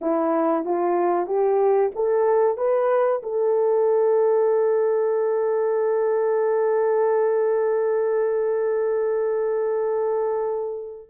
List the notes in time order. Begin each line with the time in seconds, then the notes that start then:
0.01 E4
0.65 F4
1.26 G4
1.95 A4
2.57 B4
3.23 A4